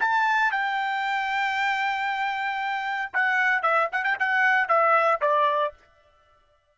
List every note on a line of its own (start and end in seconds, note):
0.00 0.51 A5
0.51 3.12 G5
3.13 3.63 F#5
3.63 3.89 E5
3.92 4.04 F#5
4.04 4.17 G5
4.19 4.68 F#5
4.68 5.21 E5
5.21 5.73 D5